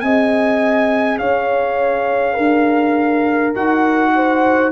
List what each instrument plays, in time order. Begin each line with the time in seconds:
0.00 tuba C4, trombone G#4, horn D#5, trumpet G#5
1.18 tuba C#4, horn C#5, trumpet F5
2.34 tuba D4, horn A#4
3.55 tuba D#4, trombone F#4, trumpet F#5
4.15 horn C5